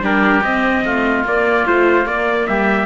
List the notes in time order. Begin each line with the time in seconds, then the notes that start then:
0.00 G3 D4 G4 A#4
0.43 C4 D#5
0.84 A3 F4
1.24 A#3 D5
1.66 F3 A3 C5
2.05 A#3 D5
2.47 G3 G4 E5